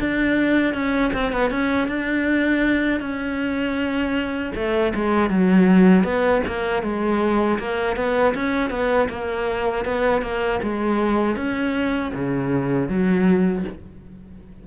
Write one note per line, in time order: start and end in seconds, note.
0.00 0.74 D4
0.74 1.12 C#4
1.14 1.32 C4
1.32 1.51 B3
1.51 1.88 C#4
1.88 3.01 D4
3.01 4.53 C#4
4.55 4.93 A3
4.95 5.30 G#3
5.30 6.04 F#3
6.04 6.42 B3
6.47 6.83 A#3
6.83 7.59 G#3
7.59 7.96 A#3
7.96 8.34 B3
8.35 8.70 C#4
8.70 9.08 B3
9.09 9.85 A#3
9.85 10.22 B3
10.22 10.60 A#3
10.63 11.36 G#3
11.36 12.12 C#4
12.15 12.89 C#3
12.89 13.65 F#3